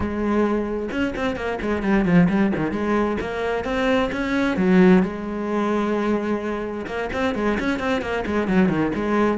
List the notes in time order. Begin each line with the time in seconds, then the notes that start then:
0.00 G#3
0.91 C#4
1.16 C4
1.36 A#3
1.61 G#3
1.82 G3
2.05 F3
2.29 G3
2.55 D#3
2.71 G#3
3.21 A#3
3.64 C4
4.12 C#4
4.57 F#3
5.02 G#3
6.86 A#3
7.12 C4
7.34 G#3
7.59 C#4
7.79 C4
8.01 A#3
8.26 G#3
8.47 F#3
8.68 D#3
8.95 G#3